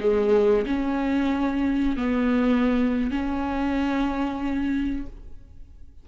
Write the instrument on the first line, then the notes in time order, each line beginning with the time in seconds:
viola
0.00 G#3
0.66 C#4
1.96 B3
3.10 C#4